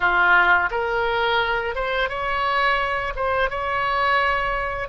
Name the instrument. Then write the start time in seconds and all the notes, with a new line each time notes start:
oboe
0.00 F4
0.70 A#4
1.75 C5
2.09 C#5
3.15 C5
3.49 C#5